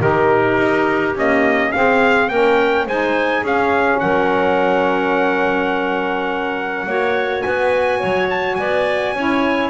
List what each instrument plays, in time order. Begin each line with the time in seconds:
0.00 double bass D#3, saxophone D#4, clarinet G4, trumpet A#4
0.57 double bass D#4
1.15 saxophone A#3, double bass C#4, trumpet D#5
1.72 saxophone C4, double bass C4, clarinet G#4, trumpet F5
2.29 double bass A#3, saxophone C#4, clarinet A#4, trumpet G5
2.86 double bass G#3, saxophone D#4, clarinet C5, trumpet G#5
3.41 double bass C#4, saxophone C#4, clarinet G#4, trumpet F5
3.99 double bass F#3, clarinet A#4, trumpet F#5
6.86 double bass A#3, saxophone F#4, clarinet C#5
7.41 double bass B3, clarinet B4, trumpet G#5
7.99 double bass F#3, clarinet C#5
8.30 trumpet A5
8.55 double bass B3, clarinet D5, trumpet G#5
9.14 double bass C#4, saxophone E4, clarinet C#5